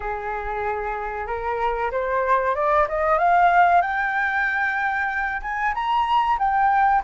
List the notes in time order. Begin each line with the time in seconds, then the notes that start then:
0.00 G#4
1.26 A#4
1.91 C5
2.55 D5
2.88 D#5
3.18 F5
3.82 G5
5.41 G#5
5.74 A#5
6.38 G5